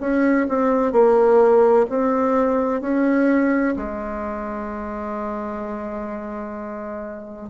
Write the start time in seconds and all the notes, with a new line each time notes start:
0.00 C#4
0.49 C4
0.92 A#3
1.89 C4
2.81 C#4
3.76 G#3